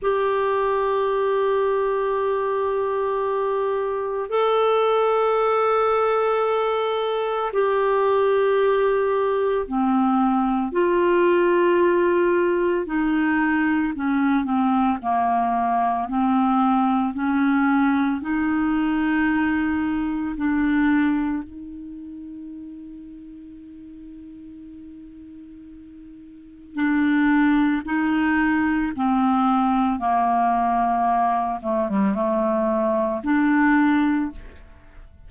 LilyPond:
\new Staff \with { instrumentName = "clarinet" } { \time 4/4 \tempo 4 = 56 g'1 | a'2. g'4~ | g'4 c'4 f'2 | dis'4 cis'8 c'8 ais4 c'4 |
cis'4 dis'2 d'4 | dis'1~ | dis'4 d'4 dis'4 c'4 | ais4. a16 g16 a4 d'4 | }